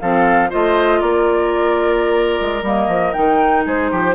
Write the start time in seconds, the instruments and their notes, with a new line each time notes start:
0.00 bassoon F3, clarinet C4, oboe A4, flute F5
0.49 bassoon A3, clarinet F4, oboe C5, flute D#5
1.01 bassoon A#3, oboe A#4, flute D5
2.40 bassoon G#3
2.62 bassoon G3, clarinet A#3, flute D#5
2.87 bassoon F3
3.13 bassoon D#3, clarinet D#4, flute G5
3.65 bassoon G#3, oboe G#4, flute C5
3.91 bassoon F3, oboe G4